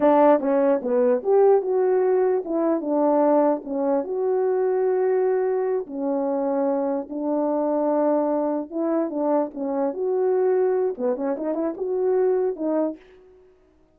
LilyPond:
\new Staff \with { instrumentName = "horn" } { \time 4/4 \tempo 4 = 148 d'4 cis'4 b4 g'4 | fis'2 e'4 d'4~ | d'4 cis'4 fis'2~ | fis'2~ fis'8 cis'4.~ |
cis'4. d'2~ d'8~ | d'4. e'4 d'4 cis'8~ | cis'8 fis'2~ fis'8 b8 cis'8 | dis'8 e'8 fis'2 dis'4 | }